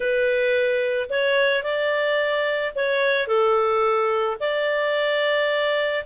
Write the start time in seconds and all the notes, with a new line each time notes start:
0.00 B4
1.09 C#5
1.63 D5
2.75 C#5
3.27 A4
4.39 D5